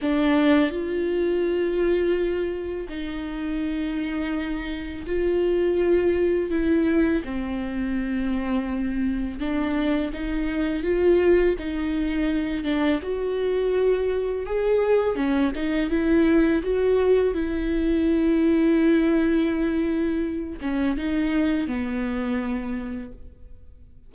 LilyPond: \new Staff \with { instrumentName = "viola" } { \time 4/4 \tempo 4 = 83 d'4 f'2. | dis'2. f'4~ | f'4 e'4 c'2~ | c'4 d'4 dis'4 f'4 |
dis'4. d'8 fis'2 | gis'4 cis'8 dis'8 e'4 fis'4 | e'1~ | e'8 cis'8 dis'4 b2 | }